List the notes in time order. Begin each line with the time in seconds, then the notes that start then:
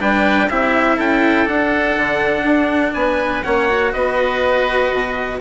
0.00 G3 D4 B4 G5
0.50 C4 E4 G4 E5
0.97 C#4 A4 G5
1.46 D4 F#5
1.97 D3
2.42 D4
2.94 B3 B4 G#5
3.44 A#3 C#4 C#5 F#5
3.69 F#4
3.93 B3 B4 D#5
4.92 B2